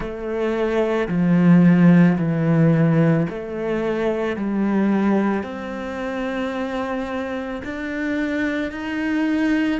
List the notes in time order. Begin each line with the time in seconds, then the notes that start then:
0.00 A3
1.08 F3
2.18 E3
3.29 A3
4.36 G3
5.43 C4
7.64 D4
8.71 D#4